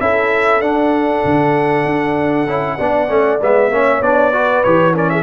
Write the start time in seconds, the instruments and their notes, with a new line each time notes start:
0.00 tuba C#4, trombone E4, horn A4, trumpet E5
0.60 tuba D4, trombone D4, trumpet F#5
1.25 tuba D3
1.85 tuba D4
2.47 tuba C#4, trombone E4
2.78 tuba B3, trombone D4, horn D5
3.08 tuba A3, trombone C#4
3.41 tuba G#3, trombone B3, trumpet E5
3.70 tuba A#3, trombone C#4, horn C#5
4.01 tuba B3, trombone D4, trumpet D5
4.32 trombone F#4, horn B4
4.63 tuba E3, trombone G4, trumpet C#5
4.93 trombone C#4, horn A#4, trumpet D5
5.09 horn G#4, trumpet E5